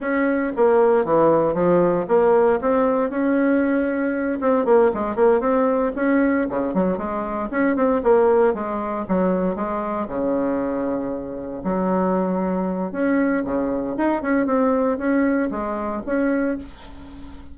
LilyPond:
\new Staff \with { instrumentName = "bassoon" } { \time 4/4 \tempo 4 = 116 cis'4 ais4 e4 f4 | ais4 c'4 cis'2~ | cis'8 c'8 ais8 gis8 ais8 c'4 cis'8~ | cis'8 cis8 fis8 gis4 cis'8 c'8 ais8~ |
ais8 gis4 fis4 gis4 cis8~ | cis2~ cis8 fis4.~ | fis4 cis'4 cis4 dis'8 cis'8 | c'4 cis'4 gis4 cis'4 | }